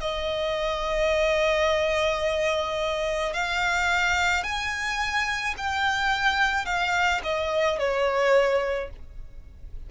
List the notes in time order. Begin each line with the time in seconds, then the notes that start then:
0.00 D#5
3.33 F5
4.43 G#5
5.57 G5
6.65 F5
7.23 D#5
7.78 C#5